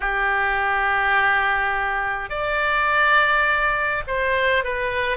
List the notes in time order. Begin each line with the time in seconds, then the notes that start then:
0.00 G4
2.29 D5
4.07 C5
4.64 B4